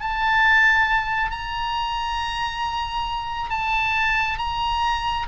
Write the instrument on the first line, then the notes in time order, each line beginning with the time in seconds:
oboe
0.00 A5
1.31 A#5
3.50 A5
4.38 A#5